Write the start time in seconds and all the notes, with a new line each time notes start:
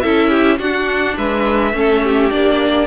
0.00 C#4 E4 A4 E5
0.29 G4
0.58 D4 F#4 F#5
1.17 G#3 B4 E5
1.73 A3 C#4 A4
2.03 G4
2.30 A#3 D4 D5